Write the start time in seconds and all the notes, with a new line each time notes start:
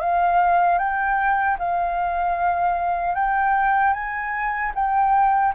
0.00 F5
0.78 G5
1.59 F5
3.15 G5
3.93 G#5
4.75 G5